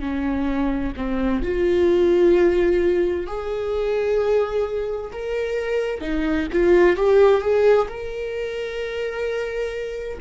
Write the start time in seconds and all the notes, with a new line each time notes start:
0.00 C#4
0.96 C4
1.42 F4
3.26 G#4
5.12 A#4
6.01 D#4
6.52 F4
6.96 G4
7.41 G#4
7.88 A#4